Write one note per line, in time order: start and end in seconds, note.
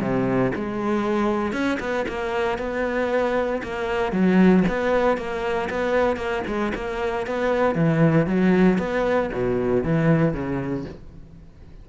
0.00 0.52 C3
0.55 1.52 G#3
1.52 1.78 C#4
1.80 2.05 B3
2.08 2.58 A#3
2.58 3.62 B3
3.63 4.12 A#3
4.12 4.64 F#3
4.68 5.17 B3
5.17 5.69 A#3
5.70 6.17 B3
6.17 6.43 A#3
6.47 6.73 G#3
6.75 7.26 A#3
7.26 7.75 B3
7.75 8.26 E3
8.26 8.78 F#3
8.78 9.30 B3
9.33 9.84 B2
9.84 10.33 E3
10.33 10.85 C#3